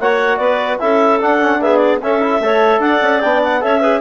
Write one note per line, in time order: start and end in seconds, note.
0.00 0.38 A#3
0.00 0.80 F#4
0.00 0.40 C#5
0.00 0.37 F#5
0.37 0.79 B3
0.37 0.80 B4
0.37 0.77 D5
0.80 1.21 C#4
0.80 1.20 E4
0.80 1.61 A4
0.80 1.20 E5
1.20 1.40 D4
1.20 2.02 D4
1.20 1.62 F#5
1.40 1.60 C#4
1.61 2.02 B3
1.61 2.01 G#4
1.61 1.77 E5
1.77 1.97 D5
2.02 2.40 C#4
2.02 2.21 C#4
2.02 2.44 A4
2.02 2.81 E5
2.21 2.41 E4
2.40 2.79 A3
2.40 3.23 A4
2.40 2.82 C#5
2.79 2.99 D4
2.79 3.63 D5
2.79 3.21 F#5
3.03 3.23 C#4
3.21 3.64 B3
3.21 3.61 D4
3.21 3.41 G5
3.44 3.63 F#5
3.61 4.01 C#4
3.61 3.81 A4
3.61 3.80 C#5
3.61 4.01 E5
3.80 4.01 G#4
3.80 4.00 B4